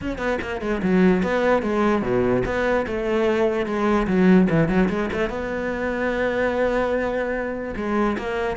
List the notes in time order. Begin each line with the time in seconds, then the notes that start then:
0.01 C#4
0.17 B3
0.41 A#3
0.61 G#3
0.83 F#3
1.22 B3
1.62 G#3
2.02 B2
2.45 B3
2.86 A3
3.66 G#3
4.07 F#3
4.49 E3
4.68 F#3
4.89 G#3
5.12 A3
5.29 B3
7.76 G#3
8.18 A#3